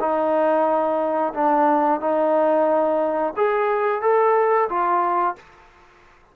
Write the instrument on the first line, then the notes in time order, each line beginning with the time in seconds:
trombone
0.00 D#4
1.34 D4
2.01 D#4
3.37 G#4
4.02 A4
4.69 F4